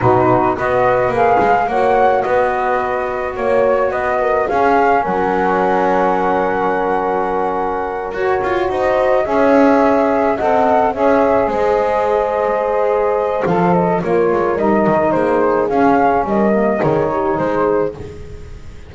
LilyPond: <<
  \new Staff \with { instrumentName = "flute" } { \time 4/4 \tempo 4 = 107 b'4 dis''4 f''4 fis''4 | dis''2 cis''4 dis''4 | f''4 fis''2.~ | fis''2~ fis''8 cis''4 dis''8~ |
dis''8 e''2 fis''4 e''8~ | e''8 dis''2.~ dis''8 | f''8 dis''8 cis''4 dis''4 c''4 | f''4 dis''4 cis''4 c''4 | }
  \new Staff \with { instrumentName = "horn" } { \time 4/4 fis'4 b'2 cis''4 | b'2 cis''4 b'8 ais'8 | gis'4 ais'2.~ | ais'2.~ ais'8 c''8~ |
c''8 cis''2 dis''4 cis''8~ | cis''8 c''2.~ c''8~ | c''4 ais'2 gis'4~ | gis'4 ais'4 gis'8 g'8 gis'4 | }
  \new Staff \with { instrumentName = "saxophone" } { \time 4/4 dis'4 fis'4 gis'4 fis'4~ | fis'1 | cis'1~ | cis'2~ cis'8 fis'4.~ |
fis'8 gis'2 a'4 gis'8~ | gis'1 | a'4 f'4 dis'2 | cis'4. ais8 dis'2 | }
  \new Staff \with { instrumentName = "double bass" } { \time 4/4 b,4 b4 ais8 gis8 ais4 | b2 ais4 b4 | cis'4 fis2.~ | fis2~ fis8 fis'8 f'8 dis'8~ |
dis'8 cis'2 c'4 cis'8~ | cis'8 gis2.~ gis8 | f4 ais8 gis8 g8 dis8 ais4 | cis'4 g4 dis4 gis4 | }
>>